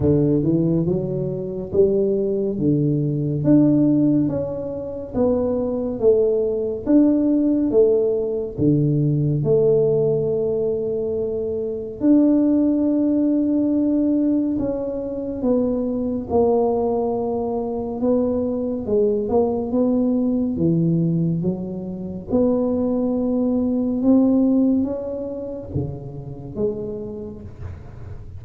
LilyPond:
\new Staff \with { instrumentName = "tuba" } { \time 4/4 \tempo 4 = 70 d8 e8 fis4 g4 d4 | d'4 cis'4 b4 a4 | d'4 a4 d4 a4~ | a2 d'2~ |
d'4 cis'4 b4 ais4~ | ais4 b4 gis8 ais8 b4 | e4 fis4 b2 | c'4 cis'4 cis4 gis4 | }